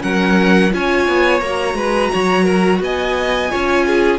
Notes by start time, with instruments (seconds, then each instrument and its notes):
0.00 cello F#3, viola C#4, violin A#4 F#5
0.71 cello C#4, viola F4, violin C#5 G#5
1.08 cello B3
1.40 cello A#3, viola F#4, violin A#5
1.74 cello G#3, violin B4
2.12 cello F#3, violin C#5
2.44 violin A#4
2.80 cello B3, violin D#5 G#5
3.49 cello C#4, viola F4, violin C#5
3.86 violin G#4